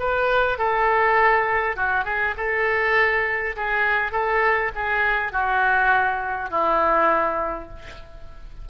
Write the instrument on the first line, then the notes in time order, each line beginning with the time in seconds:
oboe
0.00 B4
0.59 A4
1.77 F#4
2.05 G#4
2.37 A4
3.57 G#4
4.12 A4
4.76 G#4
5.33 F#4
6.51 E4